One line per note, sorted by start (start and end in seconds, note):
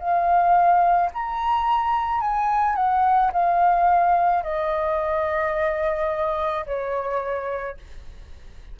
0.00 1.11 F5
1.14 2.21 A#5
2.21 2.76 G#5
2.76 3.31 F#5
3.33 4.43 F5
4.43 6.66 D#5
6.67 7.78 C#5